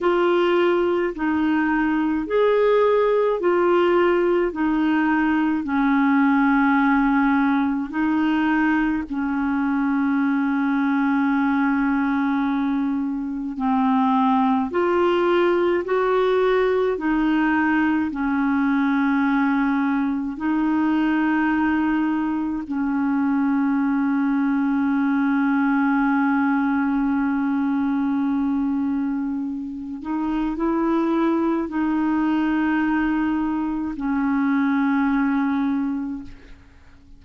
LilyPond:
\new Staff \with { instrumentName = "clarinet" } { \time 4/4 \tempo 4 = 53 f'4 dis'4 gis'4 f'4 | dis'4 cis'2 dis'4 | cis'1 | c'4 f'4 fis'4 dis'4 |
cis'2 dis'2 | cis'1~ | cis'2~ cis'8 dis'8 e'4 | dis'2 cis'2 | }